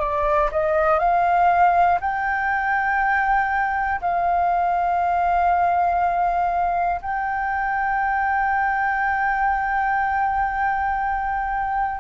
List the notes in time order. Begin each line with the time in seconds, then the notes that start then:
0.00 D5
0.51 D#5
1.00 F5
2.01 G5
4.01 F5
7.01 G5